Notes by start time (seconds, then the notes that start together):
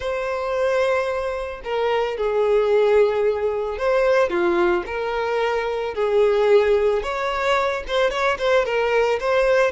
0.00 C5
1.64 A#4
2.17 G#4
3.78 C5
4.29 F4
4.86 A#4
5.94 G#4
7.02 C#5
7.87 C5
8.10 C#5
8.38 C5
8.65 A#4
9.20 C5